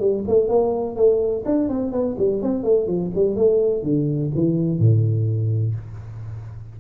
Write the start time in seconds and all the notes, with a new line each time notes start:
0.00 G3
0.28 A3
0.48 A#3
0.96 A3
1.46 D4
1.69 C4
1.92 B3
2.18 G3
2.42 C4
2.64 A3
2.87 F3
3.15 G3
3.36 A3
3.83 D3
4.35 E3
4.79 A2